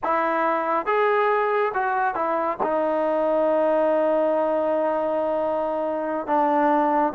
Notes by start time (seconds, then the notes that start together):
0.03 E4
0.86 G#4
1.74 F#4
2.14 E4
2.63 D#4
6.26 D4